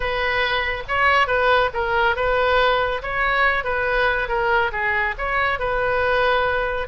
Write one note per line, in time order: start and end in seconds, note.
0.00 0.83 B4
0.88 1.27 C#5
1.27 1.69 B4
1.73 2.16 A#4
2.16 3.01 B4
3.02 3.64 C#5
3.64 4.28 B4
4.28 4.71 A#4
4.72 5.14 G#4
5.18 5.59 C#5
5.59 6.87 B4